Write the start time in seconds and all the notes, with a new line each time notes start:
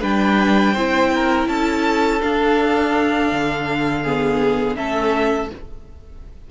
0.00 G3 D4 B4 G5
0.73 C4 E4 C5
1.14 A#4
1.47 C#4 A4 A5
2.20 D4 F5
3.31 D3
4.03 B3 G#4
4.75 A3 C#4 A4 E5